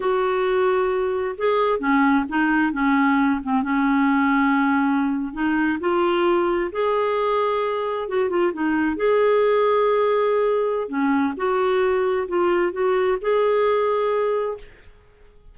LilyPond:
\new Staff \with { instrumentName = "clarinet" } { \time 4/4 \tempo 4 = 132 fis'2. gis'4 | cis'4 dis'4 cis'4. c'8 | cis'2.~ cis'8. dis'16~ | dis'8. f'2 gis'4~ gis'16~ |
gis'4.~ gis'16 fis'8 f'8 dis'4 gis'16~ | gis'1 | cis'4 fis'2 f'4 | fis'4 gis'2. | }